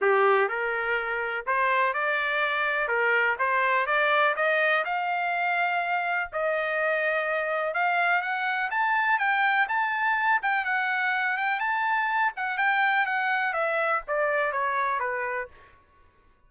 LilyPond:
\new Staff \with { instrumentName = "trumpet" } { \time 4/4 \tempo 4 = 124 g'4 ais'2 c''4 | d''2 ais'4 c''4 | d''4 dis''4 f''2~ | f''4 dis''2. |
f''4 fis''4 a''4 g''4 | a''4. g''8 fis''4. g''8 | a''4. fis''8 g''4 fis''4 | e''4 d''4 cis''4 b'4 | }